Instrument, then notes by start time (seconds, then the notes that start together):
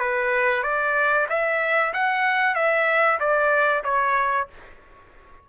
trumpet
0.00 B4
0.63 D5
1.29 E5
1.94 F#5
2.55 E5
3.20 D5
3.84 C#5